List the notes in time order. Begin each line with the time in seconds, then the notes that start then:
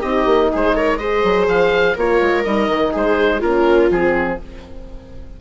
0.00 C4 D#4 G4 D#5
0.26 A#3
0.52 G#3 G#4 C5
0.76 A#4 C#5
0.98 G#4 C5 D#5
1.24 F#3
1.48 F3 F5
1.95 A#3 F4 A#4 C#5
2.21 G#3
2.44 G3 D#4 D#5
2.69 D#3
2.92 G#3 G#4 C5
3.40 A#3 C#4 F4 A#4
3.91 F3 C4 G#4